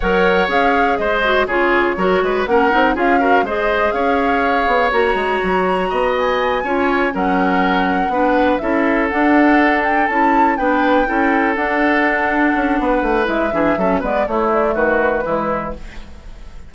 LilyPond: <<
  \new Staff \with { instrumentName = "flute" } { \time 4/4 \tempo 4 = 122 fis''4 f''4 dis''4 cis''4~ | cis''4 fis''4 f''4 dis''4 | f''2 ais''2~ | ais''8 gis''2 fis''4.~ |
fis''4. e''4 fis''4. | g''8 a''4 g''2 fis''8~ | fis''2. e''4~ | e''8 d''8 cis''8 d''8 b'2 | }
  \new Staff \with { instrumentName = "oboe" } { \time 4/4 cis''2 c''4 gis'4 | ais'8 b'8 ais'4 gis'8 ais'8 c''4 | cis''1 | dis''4. cis''4 ais'4.~ |
ais'8 b'4 a'2~ a'8~ | a'4. b'4 a'4.~ | a'2 b'4. gis'8 | a'8 b'8 e'4 fis'4 e'4 | }
  \new Staff \with { instrumentName = "clarinet" } { \time 4/4 ais'4 gis'4. fis'8 f'4 | fis'4 cis'8 dis'8 f'8 fis'8 gis'4~ | gis'2 fis'2~ | fis'4. f'4 cis'4.~ |
cis'8 d'4 e'4 d'4.~ | d'8 e'4 d'4 e'4 d'8~ | d'2. e'8 d'8 | cis'8 b8 a2 gis4 | }
  \new Staff \with { instrumentName = "bassoon" } { \time 4/4 fis4 cis'4 gis4 cis4 | fis8 gis8 ais8 c'8 cis'4 gis4 | cis'4. b8 ais8 gis8 fis4 | b4. cis'4 fis4.~ |
fis8 b4 cis'4 d'4.~ | d'8 cis'4 b4 cis'4 d'8~ | d'4. cis'8 b8 a8 gis8 e8 | fis8 gis8 a4 dis4 e4 | }
>>